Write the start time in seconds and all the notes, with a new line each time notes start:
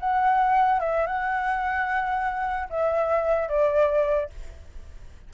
0.00 F#5
0.80 E5
1.07 F#5
2.70 E5
3.49 D5